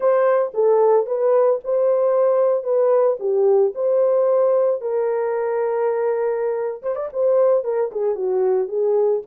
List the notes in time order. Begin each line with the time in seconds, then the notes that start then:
0.00 C5
0.54 A4
1.06 B4
1.64 C5
2.63 B4
3.19 G4
3.75 C5
4.81 A#4
6.82 C5
6.95 D5
7.12 C5
7.64 A#4
7.91 G#4
8.15 F#4
8.68 G#4